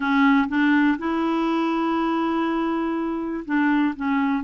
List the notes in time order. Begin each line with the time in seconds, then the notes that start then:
0.00 C#4
0.48 D4
0.98 E4
3.45 D4
3.96 C#4